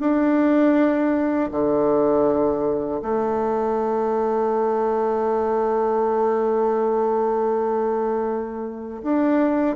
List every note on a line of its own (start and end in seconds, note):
0.00 1.50 D4
1.51 3.01 D3
3.02 9.02 A3
9.03 9.76 D4